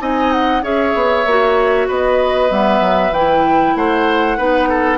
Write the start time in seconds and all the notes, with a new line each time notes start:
0.00 C4 D#4 D#5 G#5
0.33 F#5
0.63 C#4 G#4 C#5 E5
0.95 B3
1.26 A#3 F#4
1.88 B3 B4 D#5
2.50 G3 B3 E5
2.81 F#3
3.12 E3 E4 G5
3.75 A3 C5 F#5
4.38 B3 D#4 B4
4.69 A4